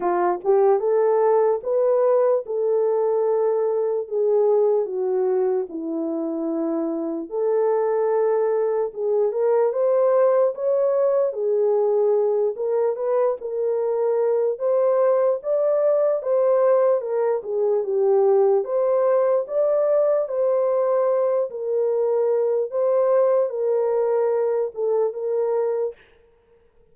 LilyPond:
\new Staff \with { instrumentName = "horn" } { \time 4/4 \tempo 4 = 74 f'8 g'8 a'4 b'4 a'4~ | a'4 gis'4 fis'4 e'4~ | e'4 a'2 gis'8 ais'8 | c''4 cis''4 gis'4. ais'8 |
b'8 ais'4. c''4 d''4 | c''4 ais'8 gis'8 g'4 c''4 | d''4 c''4. ais'4. | c''4 ais'4. a'8 ais'4 | }